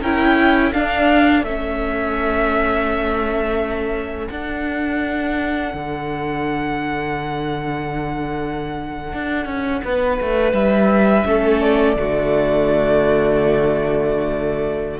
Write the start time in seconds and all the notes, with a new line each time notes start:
0.00 C#4 E4 A#4 G5
0.36 A4
0.73 D4 F5
1.42 A3 C#4 E5
4.28 D4 F#5
5.74 D3
9.13 D4
9.45 C#4
9.84 B3 B4
10.21 A3
10.53 G3 E5
11.25 A3 C#4 A4
11.61 D5
11.96 D3 A3 F#4